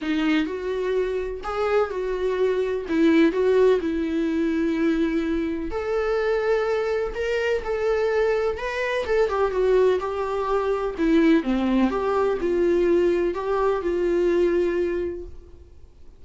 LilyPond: \new Staff \with { instrumentName = "viola" } { \time 4/4 \tempo 4 = 126 dis'4 fis'2 gis'4 | fis'2 e'4 fis'4 | e'1 | a'2. ais'4 |
a'2 b'4 a'8 g'8 | fis'4 g'2 e'4 | c'4 g'4 f'2 | g'4 f'2. | }